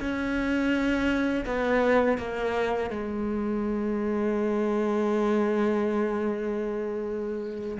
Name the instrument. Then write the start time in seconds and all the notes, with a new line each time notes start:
cello
0.00 C#4
1.46 B3
2.18 A#3
2.90 G#3